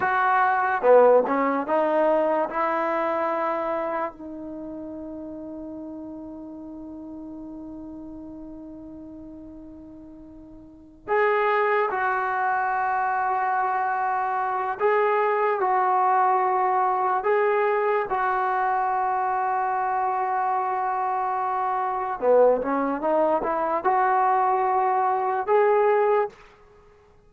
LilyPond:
\new Staff \with { instrumentName = "trombone" } { \time 4/4 \tempo 4 = 73 fis'4 b8 cis'8 dis'4 e'4~ | e'4 dis'2.~ | dis'1~ | dis'4. gis'4 fis'4.~ |
fis'2 gis'4 fis'4~ | fis'4 gis'4 fis'2~ | fis'2. b8 cis'8 | dis'8 e'8 fis'2 gis'4 | }